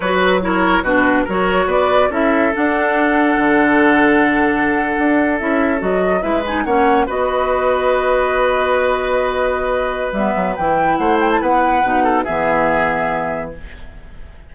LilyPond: <<
  \new Staff \with { instrumentName = "flute" } { \time 4/4 \tempo 4 = 142 cis''8 b'8 cis''4 b'4 cis''4 | d''4 e''4 fis''2~ | fis''1~ | fis''8. e''4 dis''4 e''8 gis''8 fis''16~ |
fis''8. dis''2.~ dis''16~ | dis''1 | e''4 g''4 fis''8 g''16 a''16 fis''4~ | fis''4 e''2. | }
  \new Staff \with { instrumentName = "oboe" } { \time 4/4 b'4 ais'4 fis'4 ais'4 | b'4 a'2.~ | a'1~ | a'2~ a'8. b'4 cis''16~ |
cis''8. b'2.~ b'16~ | b'1~ | b'2 c''4 b'4~ | b'8 a'8 gis'2. | }
  \new Staff \with { instrumentName = "clarinet" } { \time 4/4 fis'4 e'4 d'4 fis'4~ | fis'4 e'4 d'2~ | d'1~ | d'8. e'4 fis'4 e'8 dis'8 cis'16~ |
cis'8. fis'2.~ fis'16~ | fis'1 | b4 e'2. | dis'4 b2. | }
  \new Staff \with { instrumentName = "bassoon" } { \time 4/4 fis2 b,4 fis4 | b4 cis'4 d'2 | d2.~ d8. d'16~ | d'8. cis'4 fis4 gis4 ais16~ |
ais8. b2.~ b16~ | b1 | g8 fis8 e4 a4 b4 | b,4 e2. | }
>>